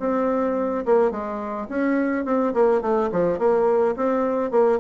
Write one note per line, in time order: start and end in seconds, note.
0.00 0.85 C4
0.86 1.11 A#3
1.11 1.68 G#3
1.69 2.25 C#4
2.25 2.53 C4
2.54 2.81 A#3
2.81 3.10 A3
3.12 3.39 F3
3.39 3.95 A#3
3.96 4.51 C4
4.51 4.79 A#3